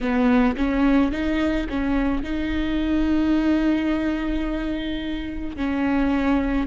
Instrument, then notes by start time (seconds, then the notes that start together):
viola
0.00 B3
0.56 C#4
1.11 D#4
1.69 C#4
2.23 D#4
5.56 C#4